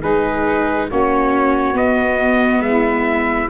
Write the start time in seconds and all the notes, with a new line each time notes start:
0.00 G#3 D#4 G#4 B4
0.87 A#3 C#4 F#4 C#5
1.74 B3 D#5
2.60 G#3 E5
2.67 E4